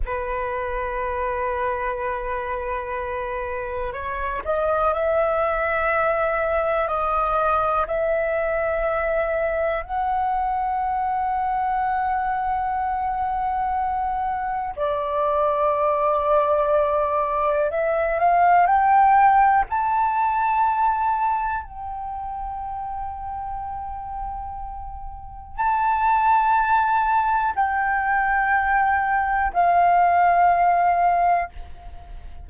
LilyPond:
\new Staff \with { instrumentName = "flute" } { \time 4/4 \tempo 4 = 61 b'1 | cis''8 dis''8 e''2 dis''4 | e''2 fis''2~ | fis''2. d''4~ |
d''2 e''8 f''8 g''4 | a''2 g''2~ | g''2 a''2 | g''2 f''2 | }